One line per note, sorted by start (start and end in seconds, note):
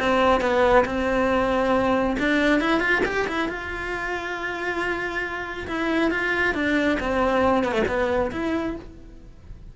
0.00 0.41 C4
0.41 0.85 B3
0.85 2.17 C4
2.19 2.61 D4
2.61 2.80 E4
2.80 3.02 F4
3.05 3.27 G4
3.28 3.49 E4
3.49 5.68 F4
5.68 6.11 E4
6.11 6.55 F4
6.55 6.98 D4
7.00 7.64 C4
7.64 7.72 B3
7.72 7.83 A3
7.88 8.32 B3
8.32 8.76 E4